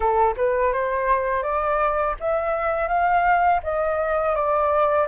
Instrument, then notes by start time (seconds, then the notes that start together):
flute
0.00 A4
0.36 B4
0.73 C5
1.43 D5
2.19 E5
2.88 F5
3.63 D#5
4.35 D5